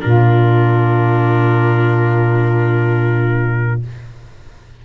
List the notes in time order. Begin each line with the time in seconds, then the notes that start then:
0.00 A#2 D4 F4 A#4